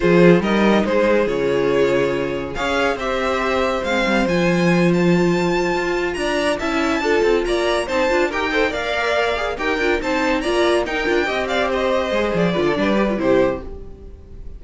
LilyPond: <<
  \new Staff \with { instrumentName = "violin" } { \time 4/4 \tempo 4 = 141 c''4 dis''4 c''4 cis''4~ | cis''2 f''4 e''4~ | e''4 f''4 gis''4. a''8~ | a''2~ a''8 ais''4 a''8~ |
a''4. ais''4 a''4 g''8~ | g''8 f''2 g''4 a''8~ | a''8 ais''4 g''4. f''8 dis''8~ | dis''4 d''2 c''4 | }
  \new Staff \with { instrumentName = "violin" } { \time 4/4 gis'4 ais'4 gis'2~ | gis'2 cis''4 c''4~ | c''1~ | c''2~ c''8 d''4 e''8~ |
e''8 a'4 d''4 c''4 ais'8 | c''8 d''2 ais'4 c''8~ | c''8 d''4 ais'4 dis''8 d''8 c''8~ | c''4. b'16 a'16 b'4 g'4 | }
  \new Staff \with { instrumentName = "viola" } { \time 4/4 f'4 dis'2 f'4~ | f'2 gis'4 g'4~ | g'4 c'4 f'2~ | f'2.~ f'8 e'8~ |
e'8 f'2 dis'8 f'8 g'8 | a'8 ais'4. gis'8 g'8 f'8 dis'8~ | dis'8 f'4 dis'8 f'8 g'4.~ | g'8 gis'4 f'8 d'8 g'16 f'16 e'4 | }
  \new Staff \with { instrumentName = "cello" } { \time 4/4 f4 g4 gis4 cis4~ | cis2 cis'4 c'4~ | c'4 gis8 g8 f2~ | f4. f'4 d'4 cis'8~ |
cis'8 d'8 c'8 ais4 c'8 d'8 dis'8~ | dis'8 ais2 dis'8 d'8 c'8~ | c'8 ais4 dis'8 d'8 c'4.~ | c'8 gis8 f8 d8 g4 c4 | }
>>